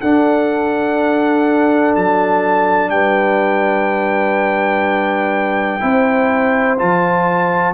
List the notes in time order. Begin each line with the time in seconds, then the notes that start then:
0.00 D4 A4 F#5
1.95 F#3 A5
2.90 G3 B4 G5
5.80 C4 E4 C5
6.78 F3 F4 A5